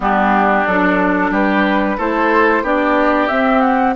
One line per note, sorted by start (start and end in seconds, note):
0.00 0.64 G3
0.00 0.65 B3
0.00 1.31 D4
0.00 0.67 G4
0.67 1.30 F#3
0.67 1.98 D4
0.67 1.33 A4
1.30 1.96 G3
1.30 1.97 G4
1.30 1.99 B4
1.97 2.62 A3
1.97 2.63 E4
1.97 2.63 A4
1.97 2.65 C5
2.62 3.28 B3
2.62 3.29 D4
2.62 3.95 G4
2.62 3.27 D5
3.27 3.95 C4
3.27 3.60 E5
3.61 3.94 F#5